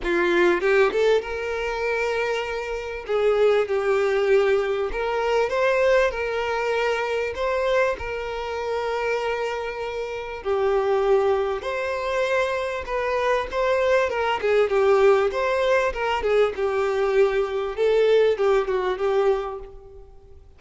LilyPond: \new Staff \with { instrumentName = "violin" } { \time 4/4 \tempo 4 = 98 f'4 g'8 a'8 ais'2~ | ais'4 gis'4 g'2 | ais'4 c''4 ais'2 | c''4 ais'2.~ |
ais'4 g'2 c''4~ | c''4 b'4 c''4 ais'8 gis'8 | g'4 c''4 ais'8 gis'8 g'4~ | g'4 a'4 g'8 fis'8 g'4 | }